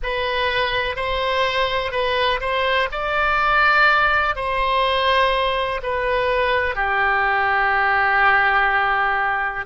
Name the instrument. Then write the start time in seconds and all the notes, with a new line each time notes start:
oboe
0.02 B4
0.95 C5
1.91 B4
2.40 C5
2.91 D5
4.35 C5
5.82 B4
6.75 G4